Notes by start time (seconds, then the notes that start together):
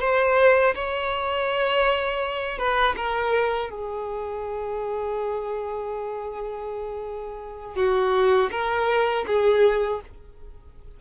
0.00 C5
0.75 C#5
2.58 B4
2.96 A#4
3.70 G#4
7.76 F#4
8.51 A#4
9.27 G#4